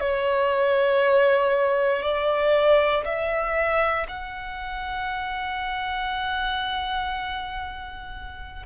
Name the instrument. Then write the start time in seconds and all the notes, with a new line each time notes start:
violin
0.00 C#5
2.02 D5
3.05 E5
4.08 F#5